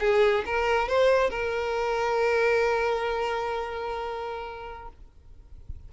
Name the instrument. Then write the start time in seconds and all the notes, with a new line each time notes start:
violin
0.00 G#4
0.46 A#4
0.89 C5
1.30 A#4